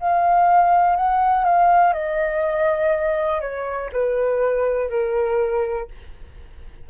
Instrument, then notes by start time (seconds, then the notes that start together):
flute
0.00 F5
0.96 F#5
1.44 F5
1.93 D#5
3.41 C#5
3.92 B4
4.90 A#4